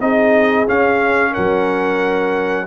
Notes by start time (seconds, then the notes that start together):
0.00 C4 D#4 G#4 D#5
0.67 C#4 F5
1.31 A#4 F#5
1.37 F#3